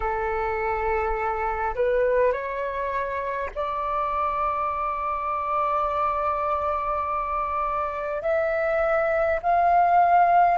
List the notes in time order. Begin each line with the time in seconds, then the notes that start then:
0.00 A4
1.75 B4
2.32 C#5
3.55 D5
8.21 E5
9.42 F5